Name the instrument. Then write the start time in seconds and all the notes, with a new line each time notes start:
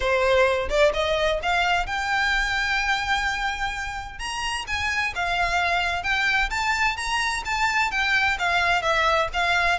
violin
0.00 C5
0.68 D5
0.93 D#5
1.42 F5
1.86 G5
4.18 A#5
4.67 G#5
5.15 F5
6.03 G5
6.50 A5
6.96 A#5
7.45 A5
7.91 G5
8.38 F5
8.81 E5
9.33 F5